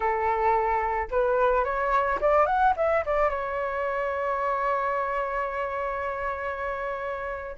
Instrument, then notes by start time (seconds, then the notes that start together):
flute
0.00 A4
1.10 B4
1.64 C#5
2.20 D5
2.46 F#5
2.76 E5
3.05 D5
3.29 C#5